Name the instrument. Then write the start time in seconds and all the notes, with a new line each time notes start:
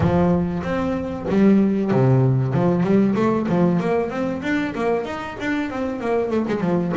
double bass
0.00 F3
0.63 C4
1.28 G3
1.91 C3
2.53 F3
2.82 G3
3.15 A3
3.49 F3
3.80 A#3
4.09 C4
4.42 D4
4.75 A#3
5.05 D#4
5.40 D4
5.70 C4
6.00 A#3
6.30 A3
6.48 G#3
6.60 F3